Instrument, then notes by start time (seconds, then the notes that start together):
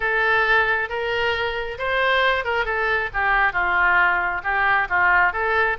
oboe
0.00 A4
0.89 A#4
1.78 C5
2.44 A#4
2.65 A4
3.13 G4
3.53 F4
4.43 G4
4.89 F4
5.32 A4